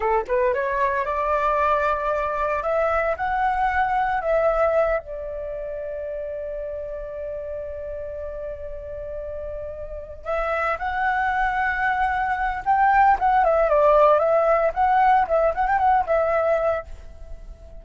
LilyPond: \new Staff \with { instrumentName = "flute" } { \time 4/4 \tempo 4 = 114 a'8 b'8 cis''4 d''2~ | d''4 e''4 fis''2 | e''4. d''2~ d''8~ | d''1~ |
d''2.~ d''8 e''8~ | e''8 fis''2.~ fis''8 | g''4 fis''8 e''8 d''4 e''4 | fis''4 e''8 fis''16 g''16 fis''8 e''4. | }